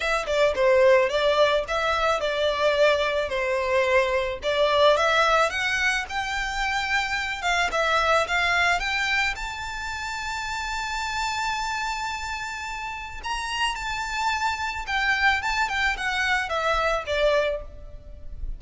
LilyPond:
\new Staff \with { instrumentName = "violin" } { \time 4/4 \tempo 4 = 109 e''8 d''8 c''4 d''4 e''4 | d''2 c''2 | d''4 e''4 fis''4 g''4~ | g''4. f''8 e''4 f''4 |
g''4 a''2.~ | a''1 | ais''4 a''2 g''4 | a''8 g''8 fis''4 e''4 d''4 | }